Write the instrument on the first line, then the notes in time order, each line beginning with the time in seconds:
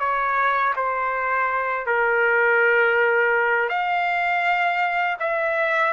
trumpet
0.00 C#5
0.76 C5
1.87 A#4
3.70 F5
5.20 E5